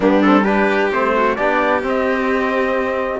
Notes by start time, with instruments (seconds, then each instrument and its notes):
0.00 cello G3, trombone B3, violin D4, trumpet G4
0.22 trombone C4, trumpet A4
0.43 trombone D4, violin G4, trumpet B4
0.91 cello A3, trombone C4, trumpet C5
1.15 violin F#4
1.35 cello B3, trombone D4, violin G4, trumpet D5
1.82 trombone C4, cello C4, trumpet D#5